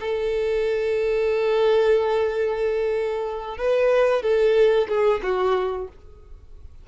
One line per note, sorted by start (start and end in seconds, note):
0.00 3.58 A4
3.58 4.22 B4
4.22 4.88 A4
4.89 5.21 G#4
5.23 5.88 F#4